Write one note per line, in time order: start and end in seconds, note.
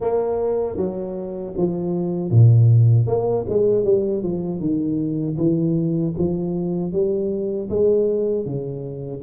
0.00 0.77 A#3
0.77 1.53 F#3
1.56 2.30 F3
2.30 3.06 A#2
3.06 3.45 A#3
3.48 3.84 G#3
3.84 4.22 G3
4.22 4.60 F3
4.60 5.37 D#3
5.37 6.14 E3
6.17 6.92 F3
6.92 7.69 G3
7.69 8.45 G#3
8.45 9.22 C#3